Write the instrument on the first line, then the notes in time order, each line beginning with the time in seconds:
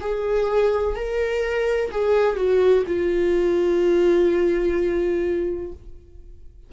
viola
0.00 G#4
0.95 A#4
1.91 G#4
2.36 F#4
2.87 F4